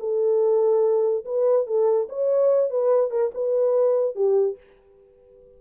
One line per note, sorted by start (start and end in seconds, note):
0.00 1.25 A4
1.26 1.67 B4
1.67 2.09 A4
2.09 2.71 C#5
2.71 3.11 B4
3.11 3.32 A#4
3.34 4.16 B4
4.16 4.58 G4